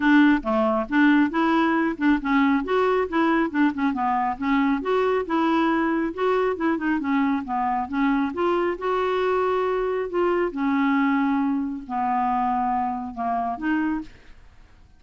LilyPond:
\new Staff \with { instrumentName = "clarinet" } { \time 4/4 \tempo 4 = 137 d'4 a4 d'4 e'4~ | e'8 d'8 cis'4 fis'4 e'4 | d'8 cis'8 b4 cis'4 fis'4 | e'2 fis'4 e'8 dis'8 |
cis'4 b4 cis'4 f'4 | fis'2. f'4 | cis'2. b4~ | b2 ais4 dis'4 | }